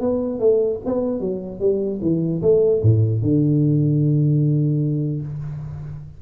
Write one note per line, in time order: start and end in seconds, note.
0.00 0.39 B3
0.39 0.79 A3
0.85 1.20 B3
1.20 1.59 F#3
1.59 1.99 G3
2.01 2.41 E3
2.41 2.81 A3
2.82 3.21 A2
3.21 5.21 D3